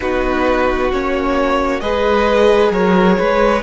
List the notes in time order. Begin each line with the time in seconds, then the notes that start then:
0.00 B3 D#4 F#4 B4
0.91 A#3 C#4 C#5
1.80 G#3 G#4 B4 D#5
2.70 F#3 A#4 C#5
3.17 G#3 B4